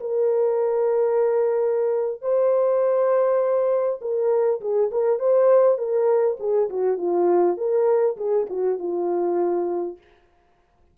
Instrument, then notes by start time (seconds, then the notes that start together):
horn
0.00 A#4
2.21 C5
4.01 A#4
4.61 G#4
4.91 A#4
5.19 C5
5.78 A#4
6.39 G#4
6.70 F#4
6.97 F4
7.57 A#4
8.17 G#4
8.50 F#4
8.79 F4